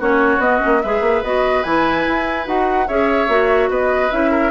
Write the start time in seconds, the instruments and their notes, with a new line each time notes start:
0.00 bassoon A#3, clarinet C#4, oboe F#4, flute C#5
0.38 bassoon B3, clarinet B3, flute D#5
0.59 clarinet C#4
0.65 bassoon A#3
0.82 bassoon G#3, clarinet G#4, oboe B4, flute E5
1.01 bassoon A#3
1.23 bassoon B3, clarinet F#4, flute D#5
1.63 bassoon E3, clarinet E4, flute G#5
2.08 bassoon E4
2.45 bassoon D#4, clarinet F#4, flute F#5
2.87 bassoon C#4, clarinet G#4, oboe C#5, flute E5
3.28 bassoon A#3, clarinet F#4
3.69 bassoon B3, oboe B4, flute D#5
4.11 bassoon C#4, clarinet E4, flute E5
4.31 oboe A#4